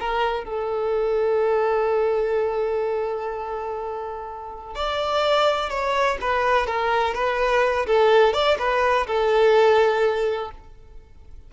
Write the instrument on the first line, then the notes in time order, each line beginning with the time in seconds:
violin
0.00 A#4
0.45 A4
4.76 D5
5.70 C#5
6.21 B4
6.67 A#4
7.15 B4
7.87 A4
8.34 D5
8.59 B4
9.07 A4